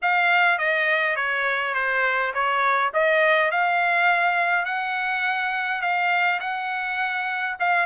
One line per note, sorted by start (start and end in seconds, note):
0.02 0.58 F5
0.58 1.16 D#5
1.16 1.74 C#5
1.74 2.32 C5
2.34 2.92 C#5
2.93 3.51 D#5
3.51 4.65 F5
4.65 5.81 F#5
5.81 6.39 F5
6.39 7.56 F#5
7.59 7.86 F5